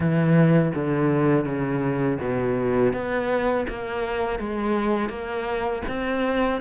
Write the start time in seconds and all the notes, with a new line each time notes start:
0.00 E3
0.75 D3
1.45 C#3
2.20 B2
2.93 B3
3.69 A#3
4.39 G#3
5.09 A#3
5.87 C4